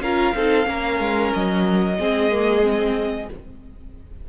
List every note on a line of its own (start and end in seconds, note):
0.00 0.33 C#4
0.00 0.36 F4
0.00 0.35 A#4
0.00 1.32 F5
0.35 0.67 C4
0.35 0.63 D#4
0.35 0.68 A4
0.63 0.99 A#3
0.63 1.94 C#4
0.63 1.98 A#4
0.99 1.32 G#3
1.33 1.99 F#3
1.33 3.29 D#5
1.98 3.29 G#3
1.98 2.31 C4
1.98 3.29 G#4
2.31 2.62 A#3
2.62 3.28 C4